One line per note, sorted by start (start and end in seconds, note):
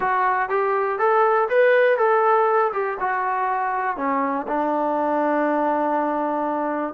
0.00 0.49 F#4
0.49 0.98 G4
0.98 1.48 A4
1.49 1.97 B4
1.97 2.72 A4
2.72 2.97 G4
3.00 3.97 F#4
3.97 4.46 C#4
4.47 6.94 D4